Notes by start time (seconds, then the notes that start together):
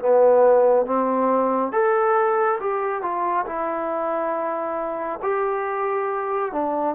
0.00 B3
0.87 C4
1.73 A4
2.60 G4
3.02 F4
3.47 E4
5.23 G4
6.53 D4